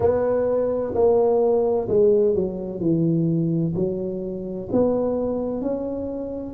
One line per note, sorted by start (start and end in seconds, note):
0.00 0.93 B3
0.94 1.87 A#3
1.88 2.34 G#3
2.34 2.80 F#3
2.80 3.73 E3
3.75 4.69 F#3
4.71 5.61 B3
5.61 6.53 C#4